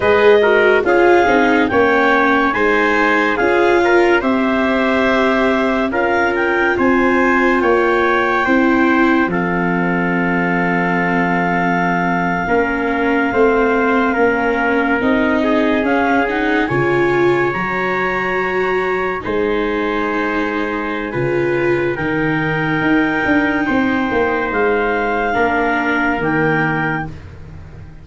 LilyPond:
<<
  \new Staff \with { instrumentName = "clarinet" } { \time 4/4 \tempo 4 = 71 dis''4 f''4 g''4 gis''4 | f''4 e''2 f''8 g''8 | gis''4 g''2 f''4~ | f''1~ |
f''4.~ f''16 dis''4 f''8 fis''8 gis''16~ | gis''8. ais''2 gis''4~ gis''16~ | gis''2 g''2~ | g''4 f''2 g''4 | }
  \new Staff \with { instrumentName = "trumpet" } { \time 4/4 b'8 ais'8 gis'4 cis''4 c''4 | gis'8 ais'8 c''2 ais'4 | c''4 cis''4 c''4 a'4~ | a'2~ a'8. ais'4 c''16~ |
c''8. ais'4. gis'4. cis''16~ | cis''2~ cis''8. c''4~ c''16~ | c''4 b'4 ais'2 | c''2 ais'2 | }
  \new Staff \with { instrumentName = "viola" } { \time 4/4 gis'8 fis'8 f'8 dis'8 cis'4 dis'4 | f'4 g'2 f'4~ | f'2 e'4 c'4~ | c'2~ c'8. cis'4 c'16~ |
c'8. cis'4 dis'4 cis'8 dis'8 f'16~ | f'8. fis'2 dis'4~ dis'16~ | dis'4 f'4 dis'2~ | dis'2 d'4 ais4 | }
  \new Staff \with { instrumentName = "tuba" } { \time 4/4 gis4 cis'8 c'8 ais4 gis4 | cis'4 c'2 cis'4 | c'4 ais4 c'4 f4~ | f2~ f8. ais4 a16~ |
a8. ais4 c'4 cis'4 cis16~ | cis8. fis2 gis4~ gis16~ | gis4 cis4 dis4 dis'8 d'8 | c'8 ais8 gis4 ais4 dis4 | }
>>